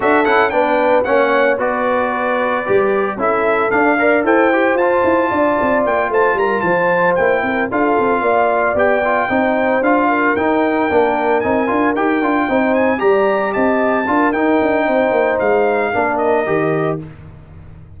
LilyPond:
<<
  \new Staff \with { instrumentName = "trumpet" } { \time 4/4 \tempo 4 = 113 e''8 fis''8 g''4 fis''4 d''4~ | d''2 e''4 f''4 | g''4 a''2 g''8 a''8 | ais''8 a''4 g''4 f''4.~ |
f''8 g''2 f''4 g''8~ | g''4. gis''4 g''4. | gis''8 ais''4 a''4. g''4~ | g''4 f''4. dis''4. | }
  \new Staff \with { instrumentName = "horn" } { \time 4/4 a'4 b'4 cis''4 b'4~ | b'2 a'4. d''8 | c''2 d''4. c''8 | ais'8 c''4. ais'8 a'4 d''8~ |
d''4. c''4. ais'4~ | ais'2.~ ais'8 c''8~ | c''8 d''4 dis''4 ais'4. | c''2 ais'2 | }
  \new Staff \with { instrumentName = "trombone" } { \time 4/4 fis'8 e'8 d'4 cis'4 fis'4~ | fis'4 g'4 e'4 d'8 ais'8 | a'8 g'8 f'2.~ | f'4. e'4 f'4.~ |
f'8 g'8 f'8 dis'4 f'4 dis'8~ | dis'8 d'4 dis'8 f'8 g'8 f'8 dis'8~ | dis'8 g'2 f'8 dis'4~ | dis'2 d'4 g'4 | }
  \new Staff \with { instrumentName = "tuba" } { \time 4/4 d'8 cis'8 b4 ais4 b4~ | b4 g4 cis'4 d'4 | e'4 f'8 e'8 d'8 c'8 ais8 a8 | g8 f4 ais8 c'8 d'8 c'8 ais8~ |
ais8 b4 c'4 d'4 dis'8~ | dis'8 ais4 c'8 d'8 dis'8 d'8 c'8~ | c'8 g4 c'4 d'8 dis'8 d'8 | c'8 ais8 gis4 ais4 dis4 | }
>>